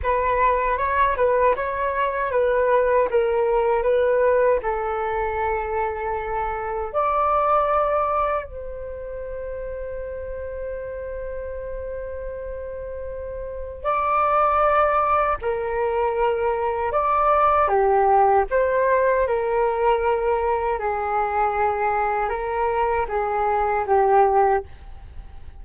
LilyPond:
\new Staff \with { instrumentName = "flute" } { \time 4/4 \tempo 4 = 78 b'4 cis''8 b'8 cis''4 b'4 | ais'4 b'4 a'2~ | a'4 d''2 c''4~ | c''1~ |
c''2 d''2 | ais'2 d''4 g'4 | c''4 ais'2 gis'4~ | gis'4 ais'4 gis'4 g'4 | }